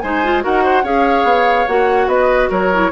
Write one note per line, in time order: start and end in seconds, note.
0.00 0.45 G#3
0.00 0.25 D#4
0.00 0.45 C5
0.00 0.41 G#5
0.25 0.43 F4
0.43 0.84 D#4
0.43 0.84 F#4
0.43 0.64 A#4
0.43 0.86 F#5
0.64 0.83 C5
0.83 1.24 C#4
0.83 1.67 G#4
0.83 2.08 C#5
0.83 1.68 F5
1.24 1.65 B3
1.68 2.08 A#3
1.68 2.72 F#4
1.68 2.09 F#5
2.08 2.49 B3
2.08 2.50 B4
2.08 2.50 D#5
2.50 2.92 F#3
2.50 2.91 A#4
2.50 2.92 C#5
2.74 2.92 E4